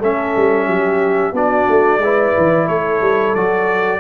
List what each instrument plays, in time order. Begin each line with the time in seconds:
0.00 tuba A3, trombone C#4, horn A4, trumpet E5
0.37 tuba G3
0.67 tuba F#3, horn G4
1.33 tuba B3, trombone D4, horn F#4, trumpet D5
1.69 tuba A3
1.99 tuba G#3, trombone E4, horn B4
2.38 tuba E3
2.66 tuba A3, horn A4, trumpet C#5
3.02 tuba G3
3.35 tuba F#3, trombone F#4, trumpet D5